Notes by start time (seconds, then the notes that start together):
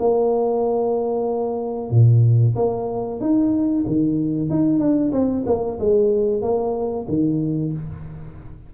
0.00 A#3
1.91 A#2
2.56 A#3
3.21 D#4
3.87 D#3
4.50 D#4
4.80 D4
5.13 C4
5.47 A#3
5.80 G#3
6.42 A#3
7.09 D#3